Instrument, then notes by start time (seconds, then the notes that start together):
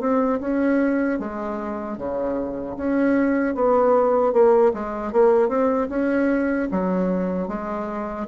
bassoon
0.00 C4
0.41 C#4
1.19 G#3
1.97 C#3
2.77 C#4
3.55 B3
4.33 A#3
4.74 G#3
5.12 A#3
5.49 C4
5.89 C#4
6.71 F#3
7.48 G#3